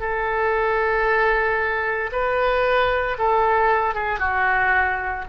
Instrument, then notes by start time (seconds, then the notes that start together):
oboe
0.00 A4
2.12 B4
3.18 A4
3.95 G#4
4.19 F#4